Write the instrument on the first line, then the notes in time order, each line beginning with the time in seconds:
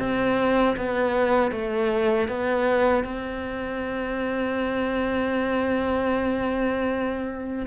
cello
0.00 C4
0.77 B3
1.52 A3
2.29 B3
3.04 C4